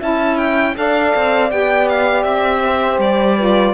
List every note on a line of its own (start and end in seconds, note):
0.00 0.77 C#4
0.00 0.75 E4
0.00 0.75 E5
0.00 0.38 A5
0.38 0.75 G5
0.75 1.14 D4
0.75 1.50 A4
0.75 2.62 D5
0.75 1.51 F5
1.16 1.52 C4
1.51 2.25 B3
1.51 3.38 G4
1.51 1.89 G5
1.89 2.23 F5
2.23 2.98 C4
2.23 2.98 E5
2.62 3.37 C5
2.98 3.73 G3
2.98 3.74 D5
3.37 3.74 F4
3.37 3.74 B4